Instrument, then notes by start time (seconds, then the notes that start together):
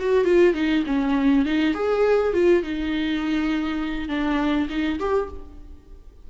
viola
0.00 F#4
0.25 F4
0.54 D#4
0.86 C#4
1.46 D#4
1.74 G#4
2.33 F4
2.63 D#4
4.09 D4
4.69 D#4
4.99 G4